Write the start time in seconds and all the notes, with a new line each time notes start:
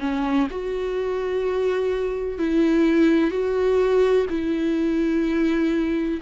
0.00 C#4
0.50 F#4
2.39 E4
3.31 F#4
4.30 E4